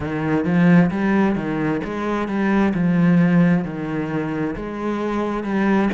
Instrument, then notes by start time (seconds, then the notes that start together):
cello
0.00 D#3
0.45 F3
0.90 G3
1.35 D#3
1.84 G#3
2.27 G3
2.74 F3
3.64 D#3
4.55 G#3
5.43 G3